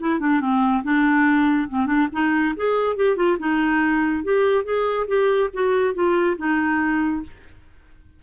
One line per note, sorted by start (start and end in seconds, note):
0.00 0.20 E4
0.20 0.41 D4
0.41 0.84 C4
0.84 1.69 D4
1.69 1.87 C4
1.87 2.08 D4
2.12 2.55 D#4
2.56 2.96 G#4
2.96 3.16 G4
3.16 3.38 F4
3.40 4.24 D#4
4.24 4.65 G4
4.65 5.07 G#4
5.08 5.50 G4
5.54 5.95 F#4
5.95 6.37 F4
6.38 7.23 D#4